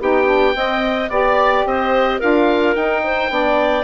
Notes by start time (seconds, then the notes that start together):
0.00 B3 D#4 G4 G5
0.25 D4
0.54 C4 D#5
1.09 B3 G4 D5
1.65 C4 C5 D#5
2.19 D4 F4 A#4 F5
2.74 D#4 G5
3.03 C5
3.29 B3 D4 D5